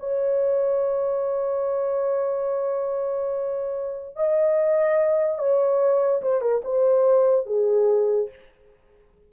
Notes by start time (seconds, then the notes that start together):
0.00 C#5
4.16 D#5
5.39 C#5
6.22 C5
6.42 A#4
6.65 C5
7.46 G#4